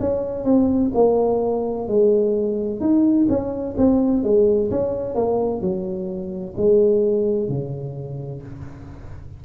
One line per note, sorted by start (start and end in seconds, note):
0.00 0.45 C#4
0.45 0.92 C4
0.95 1.88 A#3
1.88 2.80 G#3
2.80 3.27 D#4
3.29 3.76 C#4
3.78 4.24 C4
4.24 4.71 G#3
4.71 5.15 C#4
5.15 5.61 A#3
5.61 6.55 F#3
6.57 7.49 G#3
7.49 8.42 C#3